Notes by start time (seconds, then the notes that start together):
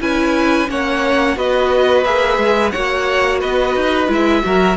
0.00 C#4 E4 B4 G#5
0.67 A#3 C#4 C#5 F#5
1.36 B3 F#4 B4 D#5
2.04 A#3 G#4 E5
2.37 G#3
2.70 A#3 F#4 C#5 F#5
3.40 B3 B4 D#5
3.75 D#4
4.07 G#3 E4 E5
4.41 F#3 F#4 A#4